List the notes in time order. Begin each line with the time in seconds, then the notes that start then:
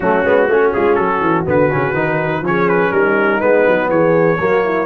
0.00 F#3 A3 C#4 F#4
0.24 G#3 B3
0.47 A3 C#4 F#4
0.73 G#3 F4 G#4
0.95 F#3 F#4 A4
1.21 E3
1.45 D3 B3 B4
1.71 C#3 C#4
1.93 D#3 D#4
2.41 F3 C#4 C#5
2.47 G#4
2.68 B4
2.91 G3 D#4 A#4
3.40 G#3 B3 B4
3.67 F#3
3.89 E3 G#4 C#5
4.39 F#3 A#3 F#4
4.64 E4